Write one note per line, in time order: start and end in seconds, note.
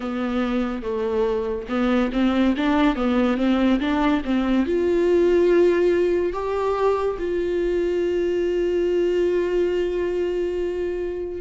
0.00 0.82 B3
0.82 1.67 A3
1.68 2.10 B3
2.12 2.54 C4
2.56 2.95 D4
2.95 3.37 B3
3.37 3.79 C4
3.80 4.22 D4
4.24 4.66 C4
4.66 6.32 F4
6.32 7.17 G4
7.18 11.41 F4